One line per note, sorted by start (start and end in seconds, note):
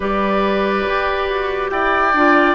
0.00 0.86 G3
0.00 2.14 G4
0.00 1.71 B4
0.00 1.69 D5
0.87 1.29 G4
1.29 1.70 F#4
1.69 2.13 E4
1.69 2.55 D5
1.69 2.55 G5
2.13 2.55 D4
2.13 2.55 F4